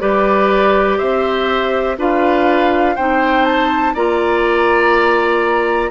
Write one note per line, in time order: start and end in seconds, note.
0.00 1.00 G3
0.00 1.97 G4
0.00 0.98 B4
0.00 0.99 D5
0.98 1.98 C4
0.98 1.97 C5
0.98 1.97 E5
1.98 2.96 D4
1.98 2.97 F4
1.98 2.96 B4
1.98 2.96 F5
2.96 3.95 C4
2.96 3.96 D#4
2.96 3.94 C5
2.96 3.45 G5
3.45 3.94 A5
3.94 5.91 A#3
3.94 5.91 F4
3.94 5.91 D5
3.94 5.91 A#5